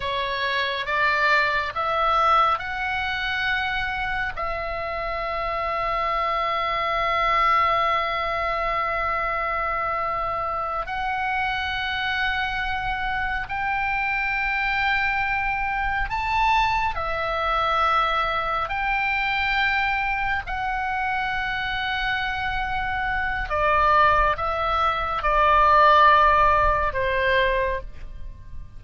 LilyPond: \new Staff \with { instrumentName = "oboe" } { \time 4/4 \tempo 4 = 69 cis''4 d''4 e''4 fis''4~ | fis''4 e''2.~ | e''1~ | e''8 fis''2. g''8~ |
g''2~ g''8 a''4 e''8~ | e''4. g''2 fis''8~ | fis''2. d''4 | e''4 d''2 c''4 | }